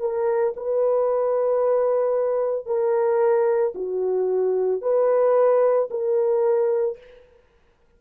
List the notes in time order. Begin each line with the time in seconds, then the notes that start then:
0.00 A#4
0.56 B4
2.66 A#4
3.75 F#4
4.82 B4
5.90 A#4